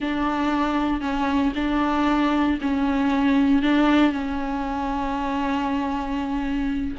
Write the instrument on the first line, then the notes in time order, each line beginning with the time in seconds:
viola
0.00 D4
1.01 C#4
1.55 D4
2.61 C#4
3.62 D4
4.11 C#4